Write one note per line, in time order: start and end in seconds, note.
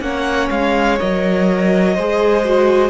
0.00 0.49 A#3
0.00 0.98 C#4
0.00 1.95 C#5
0.00 0.48 F#5
0.50 0.99 G#3
0.50 0.99 F5
0.99 1.97 F#3
0.99 1.96 A#4
0.99 2.89 D#5
1.95 2.89 G#3
1.95 2.45 G#4
1.95 2.89 C5
2.45 2.89 F#4